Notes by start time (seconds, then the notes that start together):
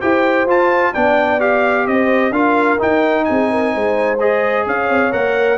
0.00 E4 G4 C5 G5
0.46 F4 A5
0.93 B3 D4 D5 G5
1.40 G4 F5
1.87 C4 C5 D#5
2.31 D4 F4 A#4 F5
2.79 D#4 G5
3.25 C4 G#4 G#5
3.51 A#4
3.74 G#3 C5
4.20 G#4 D#5
4.66 C#4 C#5 F5
4.90 C4
5.12 A#3 A#4 F#5